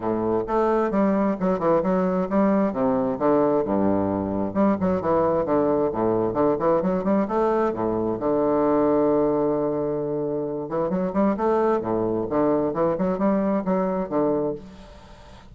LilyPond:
\new Staff \with { instrumentName = "bassoon" } { \time 4/4 \tempo 4 = 132 a,4 a4 g4 fis8 e8 | fis4 g4 c4 d4 | g,2 g8 fis8 e4 | d4 a,4 d8 e8 fis8 g8 |
a4 a,4 d2~ | d2.~ d8 e8 | fis8 g8 a4 a,4 d4 | e8 fis8 g4 fis4 d4 | }